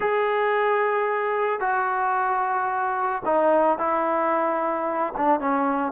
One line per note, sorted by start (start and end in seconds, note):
0.00 1.60 G#4
1.60 3.22 F#4
3.25 3.78 D#4
3.78 5.13 E4
5.16 5.39 D4
5.39 5.92 C#4